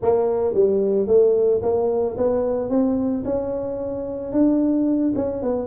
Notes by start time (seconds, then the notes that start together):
0.02 A#3
0.54 G3
1.07 A3
1.62 A#3
2.17 B3
2.69 C4
3.24 C#4
4.32 D4
5.15 C#4
5.42 B3